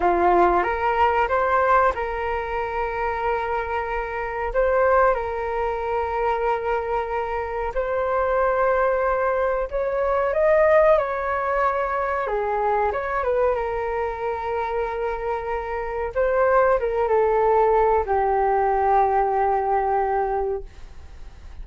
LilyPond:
\new Staff \with { instrumentName = "flute" } { \time 4/4 \tempo 4 = 93 f'4 ais'4 c''4 ais'4~ | ais'2. c''4 | ais'1 | c''2. cis''4 |
dis''4 cis''2 gis'4 | cis''8 b'8 ais'2.~ | ais'4 c''4 ais'8 a'4. | g'1 | }